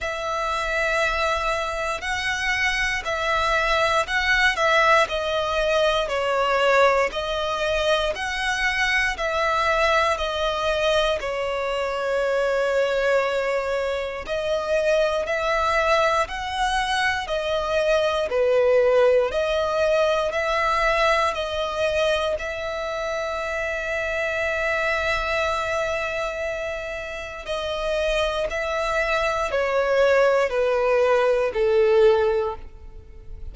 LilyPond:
\new Staff \with { instrumentName = "violin" } { \time 4/4 \tempo 4 = 59 e''2 fis''4 e''4 | fis''8 e''8 dis''4 cis''4 dis''4 | fis''4 e''4 dis''4 cis''4~ | cis''2 dis''4 e''4 |
fis''4 dis''4 b'4 dis''4 | e''4 dis''4 e''2~ | e''2. dis''4 | e''4 cis''4 b'4 a'4 | }